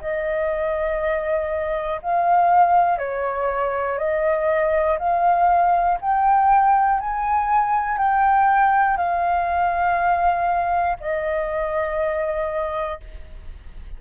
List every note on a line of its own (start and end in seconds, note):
0.00 2.00 D#5
2.02 2.98 F5
2.98 3.98 C#5
3.98 4.98 D#5
4.99 5.99 F5
6.01 7.00 G5
7.00 7.97 G#5
7.97 8.96 G5
8.96 10.96 F5
11.00 13.00 D#5